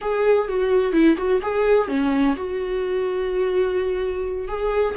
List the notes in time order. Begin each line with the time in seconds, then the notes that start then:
0.01 G#4
0.48 F#4
0.92 E4
1.17 F#4
1.42 G#4
1.88 C#4
2.36 F#4
4.48 G#4